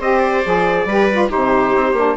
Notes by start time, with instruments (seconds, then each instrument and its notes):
0.00 bassoon C4, saxophone G4, viola C5, trumpet D#5
0.19 trumpet D5
0.45 bassoon F3, saxophone G#4
0.86 bassoon G3, saxophone G4, viola B4
1.12 saxophone F4
1.29 saxophone D#4, viola G4, trumpet C5
1.35 bassoon C3
1.76 bassoon C4
1.93 bassoon A#3, saxophone D4